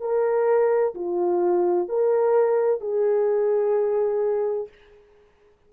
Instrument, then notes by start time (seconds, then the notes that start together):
horn
0.00 A#4
0.95 F4
1.88 A#4
2.80 G#4